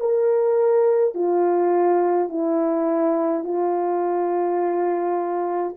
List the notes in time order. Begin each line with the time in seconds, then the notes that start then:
0.00 A#4
1.15 F4
2.29 E4
3.45 F4